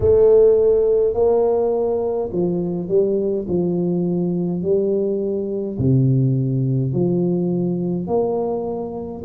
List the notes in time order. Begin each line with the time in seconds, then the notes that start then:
0.00 A3
1.14 A#3
2.32 F3
2.88 G3
3.48 F3
4.62 G3
5.78 C3
6.92 F3
8.07 A#3